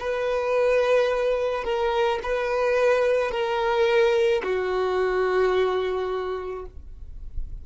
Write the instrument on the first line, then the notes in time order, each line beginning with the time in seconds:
violin
0.00 B4
1.64 A#4
2.23 B4
3.31 A#4
4.43 F#4